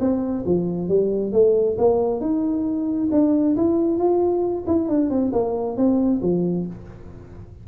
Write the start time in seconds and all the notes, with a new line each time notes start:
0.00 C4
0.45 F3
0.88 G3
1.33 A3
1.78 A#3
2.20 D#4
3.12 D4
3.57 E4
3.98 F4
4.67 E4
4.89 D4
5.10 C4
5.32 A#3
5.77 C4
6.22 F3